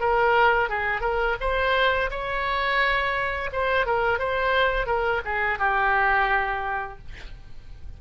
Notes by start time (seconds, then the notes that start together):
0.00 A#4
0.69 G#4
1.01 A#4
1.40 C5
2.11 C#5
3.52 C5
3.86 A#4
4.19 C5
4.86 A#4
5.25 G#4
5.59 G4